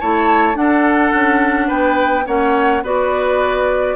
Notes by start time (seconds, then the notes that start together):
0.00 A3 E4 C#5 A5
0.54 D4 A4 F#5
1.13 C#4
1.67 B3 B4 G5
2.26 A#3 C#4 C#5 F#5
2.83 B3 F#4 B4 D5